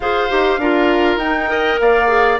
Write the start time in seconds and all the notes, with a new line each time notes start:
0.00 F4 G#4 C5 F5
0.29 D#4 G4
0.58 D4 F4 A#4
1.16 D#4 G5
1.48 A#4 D#5
1.79 A#3 D5 F5
2.07 G#4